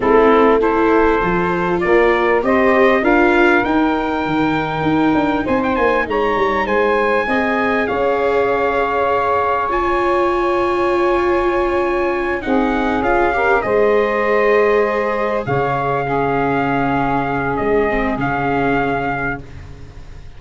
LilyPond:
<<
  \new Staff \with { instrumentName = "trumpet" } { \time 4/4 \tempo 4 = 99 a'4 c''2 d''4 | dis''4 f''4 g''2~ | g''4 gis''16 g''16 gis''8 ais''4 gis''4~ | gis''4 f''2. |
gis''1~ | gis''8 fis''4 f''4 dis''4.~ | dis''4. f''2~ f''8~ | f''4 dis''4 f''2 | }
  \new Staff \with { instrumentName = "saxophone" } { \time 4/4 e'4 a'2 ais'4 | c''4 ais'2.~ | ais'4 c''4 cis''4 c''4 | dis''4 cis''2.~ |
cis''1~ | cis''8 gis'4. ais'8 c''4.~ | c''4. cis''4 gis'4.~ | gis'1 | }
  \new Staff \with { instrumentName = "viola" } { \time 4/4 c'4 e'4 f'2 | g'4 f'4 dis'2~ | dis'1 | gis'1 |
f'1~ | f'8 dis'4 f'8 g'8 gis'4.~ | gis'2~ gis'8 cis'4.~ | cis'4. c'8 cis'2 | }
  \new Staff \with { instrumentName = "tuba" } { \time 4/4 a2 f4 ais4 | c'4 d'4 dis'4 dis4 | dis'8 d'8 c'8 ais8 gis8 g8 gis4 | c'4 cis'2.~ |
cis'1~ | cis'8 c'4 cis'4 gis4.~ | gis4. cis2~ cis8~ | cis4 gis4 cis2 | }
>>